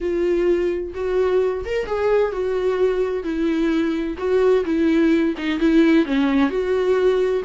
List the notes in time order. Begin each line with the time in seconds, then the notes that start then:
0.00 F4
0.94 F#4
1.65 A#4
1.86 G#4
2.32 F#4
3.23 E4
4.17 F#4
4.65 E4
5.37 D#4
5.59 E4
6.05 C#4
6.49 F#4